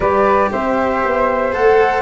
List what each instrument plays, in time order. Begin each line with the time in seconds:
0.00 tuba G3, cello G4, flute B4 D5
0.51 tuba C4, flute C5 E5
1.04 tuba B3
1.52 tuba A3, cello A4, flute F#5